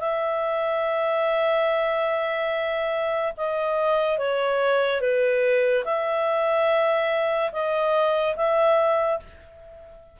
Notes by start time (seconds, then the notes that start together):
0.00 E5
3.37 D#5
4.19 C#5
5.01 B4
5.85 E5
7.53 D#5
8.37 E5